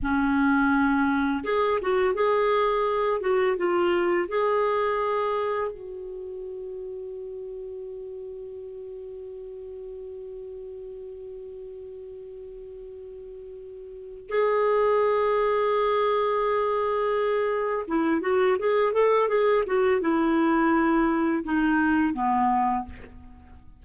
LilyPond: \new Staff \with { instrumentName = "clarinet" } { \time 4/4 \tempo 4 = 84 cis'2 gis'8 fis'8 gis'4~ | gis'8 fis'8 f'4 gis'2 | fis'1~ | fis'1~ |
fis'1 | gis'1~ | gis'4 e'8 fis'8 gis'8 a'8 gis'8 fis'8 | e'2 dis'4 b4 | }